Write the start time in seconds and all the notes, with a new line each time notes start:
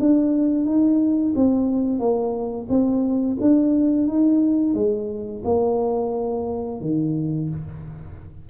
0.00 D4
0.66 D#4
1.36 C4
2.00 A#3
2.70 C4
3.42 D4
4.08 D#4
4.74 G#3
5.45 A#3
6.82 D#3